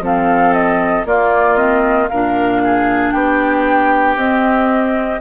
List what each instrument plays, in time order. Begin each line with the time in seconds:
0.00 bassoon F3, clarinet C4, oboe A4, flute F5
0.54 flute D#5
1.05 bassoon A#3, clarinet A#3, oboe F4, flute D5
1.56 clarinet C4, flute D#5
2.09 bassoon A#2, clarinet D4, oboe A#4, flute F5
2.64 oboe G#4
3.11 bassoon B3, oboe G4, flute G5
4.16 bassoon C4, clarinet C4, flute D#5